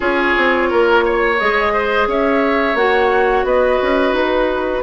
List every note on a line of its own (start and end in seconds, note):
0.00 0.35 C#4
0.00 1.36 F4
0.00 0.69 G#4
0.00 1.38 C#5
0.37 0.71 C4
0.69 1.41 A#3
0.69 1.04 A#4
1.05 1.73 C#5
1.38 2.07 G#3
1.38 2.77 G#4
1.38 2.07 D#5
1.73 2.07 C5
2.07 2.74 C#4
2.07 3.46 C#5
2.07 2.75 E5
2.74 3.43 A#3
2.74 4.83 F#4
2.74 3.44 F#5
3.44 3.78 B3
3.44 4.83 B4
3.44 4.14 D#5
3.82 4.12 C#4
4.12 4.81 D#4
4.12 4.83 B4